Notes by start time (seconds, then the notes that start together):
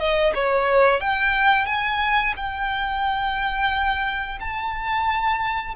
0.00 D#5
0.35 C#5
1.01 G5
1.67 G#5
2.37 G5
4.41 A5